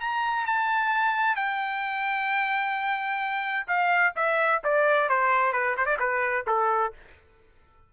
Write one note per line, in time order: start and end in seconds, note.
0.00 0.46 A#5
0.46 1.36 A5
1.36 3.67 G5
3.67 4.13 F5
4.15 4.62 E5
4.63 5.09 D5
5.09 5.52 C5
5.52 5.75 B4
5.77 5.86 C5
5.86 5.97 D5
5.99 6.45 B4
6.47 6.93 A4